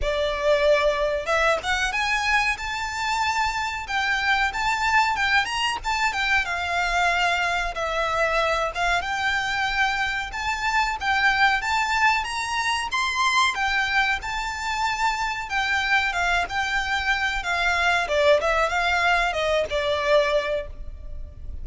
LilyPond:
\new Staff \with { instrumentName = "violin" } { \time 4/4 \tempo 4 = 93 d''2 e''8 fis''8 gis''4 | a''2 g''4 a''4 | g''8 ais''8 a''8 g''8 f''2 | e''4. f''8 g''2 |
a''4 g''4 a''4 ais''4 | c'''4 g''4 a''2 | g''4 f''8 g''4. f''4 | d''8 e''8 f''4 dis''8 d''4. | }